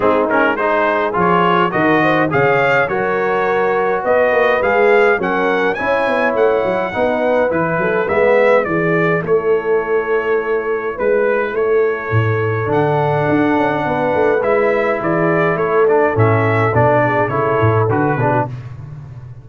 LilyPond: <<
  \new Staff \with { instrumentName = "trumpet" } { \time 4/4 \tempo 4 = 104 gis'8 ais'8 c''4 cis''4 dis''4 | f''4 cis''2 dis''4 | f''4 fis''4 gis''4 fis''4~ | fis''4 b'4 e''4 d''4 |
cis''2. b'4 | cis''2 fis''2~ | fis''4 e''4 d''4 cis''8 d''8 | e''4 d''4 cis''4 b'4 | }
  \new Staff \with { instrumentName = "horn" } { \time 4/4 dis'4 gis'2 ais'8 c''8 | cis''4 ais'2 b'4~ | b'4 ais'4 cis''2 | b'4. a'8 b'4 gis'4 |
a'2. b'4 | a'1 | b'2 gis'4 a'4~ | a'4. gis'8 a'4. gis'16 fis'16 | }
  \new Staff \with { instrumentName = "trombone" } { \time 4/4 c'8 cis'8 dis'4 f'4 fis'4 | gis'4 fis'2. | gis'4 cis'4 e'2 | dis'4 e'4 b4 e'4~ |
e'1~ | e'2 d'2~ | d'4 e'2~ e'8 d'8 | cis'4 d'4 e'4 fis'8 d'8 | }
  \new Staff \with { instrumentName = "tuba" } { \time 4/4 gis2 f4 dis4 | cis4 fis2 b8 ais8 | gis4 fis4 cis'8 b8 a8 fis8 | b4 e8 fis8 gis4 e4 |
a2. gis4 | a4 a,4 d4 d'8 cis'8 | b8 a8 gis4 e4 a4 | a,4 b,4 cis8 a,8 d8 b,8 | }
>>